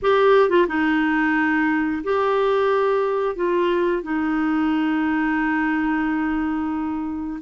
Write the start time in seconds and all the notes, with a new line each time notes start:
0.02 G4
0.49 F4
0.68 D#4
2.03 G4
3.35 F4
4.03 D#4